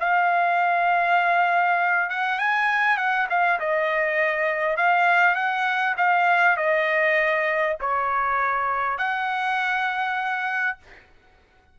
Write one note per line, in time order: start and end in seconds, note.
0.00 2.09 F5
2.09 2.39 F#5
2.39 2.97 G#5
2.97 3.27 F#5
3.29 3.59 F5
3.60 4.77 D#5
4.77 5.35 F5
5.35 5.95 F#5
5.97 6.57 F5
6.57 7.77 D#5
7.81 8.98 C#5
8.98 10.78 F#5